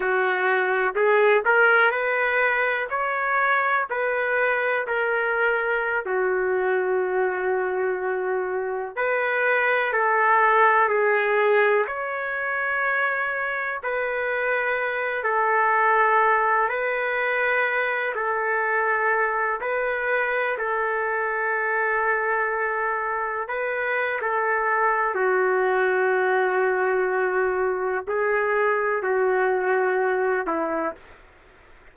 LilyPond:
\new Staff \with { instrumentName = "trumpet" } { \time 4/4 \tempo 4 = 62 fis'4 gis'8 ais'8 b'4 cis''4 | b'4 ais'4~ ais'16 fis'4.~ fis'16~ | fis'4~ fis'16 b'4 a'4 gis'8.~ | gis'16 cis''2 b'4. a'16~ |
a'4~ a'16 b'4. a'4~ a'16~ | a'16 b'4 a'2~ a'8.~ | a'16 b'8. a'4 fis'2~ | fis'4 gis'4 fis'4. e'8 | }